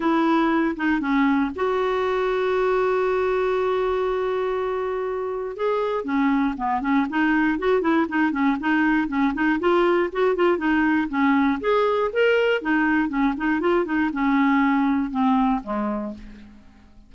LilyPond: \new Staff \with { instrumentName = "clarinet" } { \time 4/4 \tempo 4 = 119 e'4. dis'8 cis'4 fis'4~ | fis'1~ | fis'2. gis'4 | cis'4 b8 cis'8 dis'4 fis'8 e'8 |
dis'8 cis'8 dis'4 cis'8 dis'8 f'4 | fis'8 f'8 dis'4 cis'4 gis'4 | ais'4 dis'4 cis'8 dis'8 f'8 dis'8 | cis'2 c'4 gis4 | }